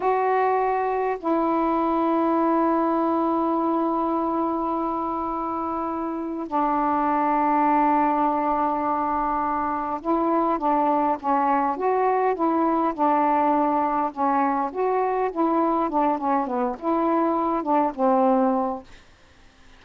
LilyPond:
\new Staff \with { instrumentName = "saxophone" } { \time 4/4 \tempo 4 = 102 fis'2 e'2~ | e'1~ | e'2. d'4~ | d'1~ |
d'4 e'4 d'4 cis'4 | fis'4 e'4 d'2 | cis'4 fis'4 e'4 d'8 cis'8 | b8 e'4. d'8 c'4. | }